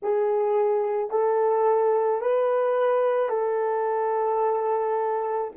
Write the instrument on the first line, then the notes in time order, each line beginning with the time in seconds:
horn
0.02 G#4
1.10 A4
2.21 B4
3.29 A4